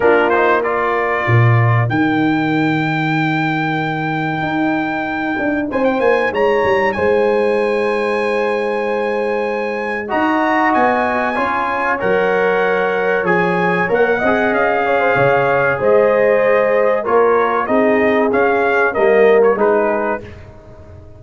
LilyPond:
<<
  \new Staff \with { instrumentName = "trumpet" } { \time 4/4 \tempo 4 = 95 ais'8 c''8 d''2 g''4~ | g''1~ | g''4 gis''16 g''16 gis''8 ais''4 gis''4~ | gis''1 |
ais''4 gis''2 fis''4~ | fis''4 gis''4 fis''4 f''4~ | f''4 dis''2 cis''4 | dis''4 f''4 dis''8. cis''16 b'4 | }
  \new Staff \with { instrumentName = "horn" } { \time 4/4 f'4 ais'2.~ | ais'1~ | ais'4 c''4 cis''4 c''4~ | c''1 |
dis''2 cis''2~ | cis''2~ cis''8 dis''4 cis''16 c''16 | cis''4 c''2 ais'4 | gis'2 ais'4 gis'4 | }
  \new Staff \with { instrumentName = "trombone" } { \time 4/4 d'8 dis'8 f'2 dis'4~ | dis'1~ | dis'1~ | dis'1 |
fis'2 f'4 ais'4~ | ais'4 gis'4 ais'8 gis'4.~ | gis'2. f'4 | dis'4 cis'4 ais4 dis'4 | }
  \new Staff \with { instrumentName = "tuba" } { \time 4/4 ais2 ais,4 dis4~ | dis2. dis'4~ | dis'8 d'8 c'8 ais8 gis8 g8 gis4~ | gis1 |
dis'4 b4 cis'4 fis4~ | fis4 f4 ais8 c'8 cis'4 | cis4 gis2 ais4 | c'4 cis'4 g4 gis4 | }
>>